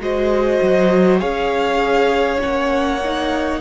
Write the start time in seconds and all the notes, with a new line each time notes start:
0.00 G#3 F#4 C5 D#5
0.63 F#3
1.20 C#4 G#4 C#5 F5
2.39 A#3 C#4 F#5
3.04 D#4